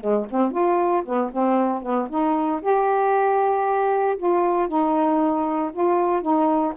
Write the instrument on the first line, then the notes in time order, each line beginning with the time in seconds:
saxophone
0.00 G#3
0.30 C4
0.51 F4
1.05 B3
1.32 C4
1.82 B3
2.09 D#4
2.62 G4
4.17 F4
4.68 D#4
5.72 F4
6.22 D#4